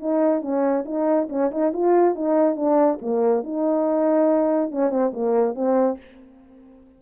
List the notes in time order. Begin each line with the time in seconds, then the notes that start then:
0.00 D#4
0.42 C#4
0.85 D#4
1.29 C#4
1.51 D#4
1.73 F4
2.15 D#4
2.56 D4
3.02 A#3
3.44 D#4
4.71 C#4
4.90 C4
5.14 A#3
5.55 C4